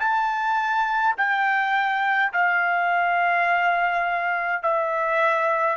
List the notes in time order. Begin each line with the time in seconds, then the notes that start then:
0.00 A5
1.17 G5
2.33 F5
4.63 E5